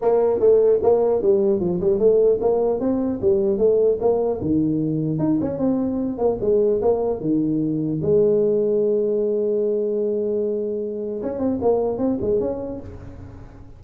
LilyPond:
\new Staff \with { instrumentName = "tuba" } { \time 4/4 \tempo 4 = 150 ais4 a4 ais4 g4 | f8 g8 a4 ais4 c'4 | g4 a4 ais4 dis4~ | dis4 dis'8 cis'8 c'4. ais8 |
gis4 ais4 dis2 | gis1~ | gis1 | cis'8 c'8 ais4 c'8 gis8 cis'4 | }